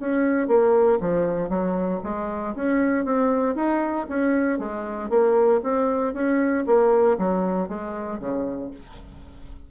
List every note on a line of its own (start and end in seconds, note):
0.00 0.48 C#4
0.48 0.99 A#3
1.01 1.50 F3
1.50 2.01 F#3
2.04 2.55 G#3
2.56 3.05 C#4
3.05 3.56 C4
3.56 4.07 D#4
4.10 4.59 C#4
4.59 5.10 G#3
5.10 5.61 A#3
5.64 6.14 C4
6.14 6.65 C#4
6.67 7.18 A#3
7.18 7.69 F#3
7.69 8.20 G#3
8.20 8.71 C#3